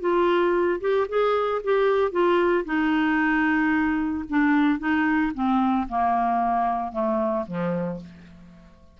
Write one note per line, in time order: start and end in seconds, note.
0.00 0.80 F4
0.80 1.07 G4
1.08 1.61 G#4
1.64 2.11 G4
2.11 2.64 F4
2.65 4.24 D#4
4.29 4.79 D4
4.79 5.32 D#4
5.34 5.87 C4
5.88 6.92 A#3
6.92 7.45 A3
7.46 8.00 F3